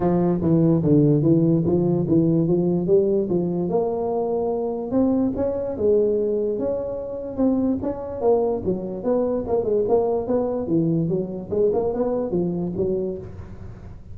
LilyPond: \new Staff \with { instrumentName = "tuba" } { \time 4/4 \tempo 4 = 146 f4 e4 d4 e4 | f4 e4 f4 g4 | f4 ais2. | c'4 cis'4 gis2 |
cis'2 c'4 cis'4 | ais4 fis4 b4 ais8 gis8 | ais4 b4 e4 fis4 | gis8 ais8 b4 f4 fis4 | }